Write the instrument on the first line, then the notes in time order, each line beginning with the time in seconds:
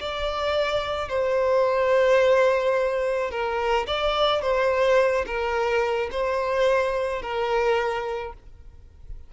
violin
0.00 D5
1.09 C5
3.31 A#4
3.87 D5
4.42 C5
5.26 A#4
6.11 C5
7.22 A#4